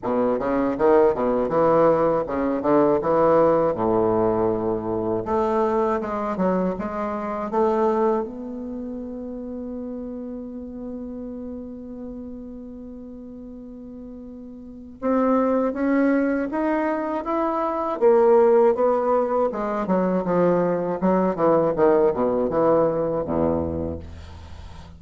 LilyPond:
\new Staff \with { instrumentName = "bassoon" } { \time 4/4 \tempo 4 = 80 b,8 cis8 dis8 b,8 e4 cis8 d8 | e4 a,2 a4 | gis8 fis8 gis4 a4 b4~ | b1~ |
b1 | c'4 cis'4 dis'4 e'4 | ais4 b4 gis8 fis8 f4 | fis8 e8 dis8 b,8 e4 e,4 | }